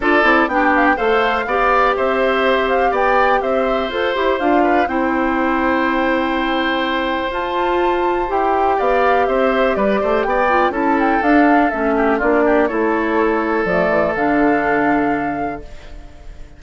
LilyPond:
<<
  \new Staff \with { instrumentName = "flute" } { \time 4/4 \tempo 4 = 123 d''4 g''8 f''16 g''16 f''2 | e''4. f''8 g''4 e''4 | c''4 f''4 g''2~ | g''2. a''4~ |
a''4 g''4 f''4 e''4 | d''4 g''4 a''8 g''8 f''4 | e''4 d''4 cis''2 | d''4 f''2. | }
  \new Staff \with { instrumentName = "oboe" } { \time 4/4 a'4 g'4 c''4 d''4 | c''2 d''4 c''4~ | c''4. b'8 c''2~ | c''1~ |
c''2 d''4 c''4 | b'8 c''8 d''4 a'2~ | a'8 g'8 f'8 g'8 a'2~ | a'1 | }
  \new Staff \with { instrumentName = "clarinet" } { \time 4/4 f'8 e'8 d'4 a'4 g'4~ | g'1 | a'8 g'8 f'4 e'2~ | e'2. f'4~ |
f'4 g'2.~ | g'4. f'8 e'4 d'4 | cis'4 d'4 e'2 | a4 d'2. | }
  \new Staff \with { instrumentName = "bassoon" } { \time 4/4 d'8 c'8 b4 a4 b4 | c'2 b4 c'4 | f'8 e'8 d'4 c'2~ | c'2. f'4~ |
f'4 e'4 b4 c'4 | g8 a8 b4 cis'4 d'4 | a4 ais4 a2 | f8 e8 d2. | }
>>